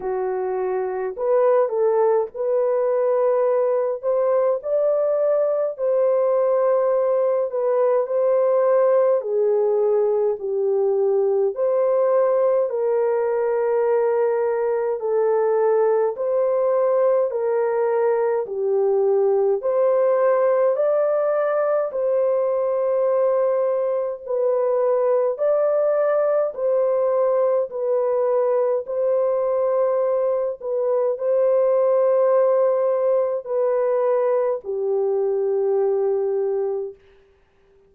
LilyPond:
\new Staff \with { instrumentName = "horn" } { \time 4/4 \tempo 4 = 52 fis'4 b'8 a'8 b'4. c''8 | d''4 c''4. b'8 c''4 | gis'4 g'4 c''4 ais'4~ | ais'4 a'4 c''4 ais'4 |
g'4 c''4 d''4 c''4~ | c''4 b'4 d''4 c''4 | b'4 c''4. b'8 c''4~ | c''4 b'4 g'2 | }